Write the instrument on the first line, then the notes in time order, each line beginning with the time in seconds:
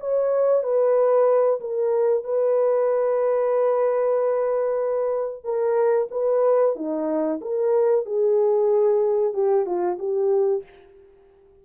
horn
0.00 C#5
0.63 B4
1.60 A#4
2.24 B4
5.44 A#4
6.11 B4
6.76 D#4
7.41 A#4
8.06 G#4
9.34 G4
9.66 F4
9.99 G4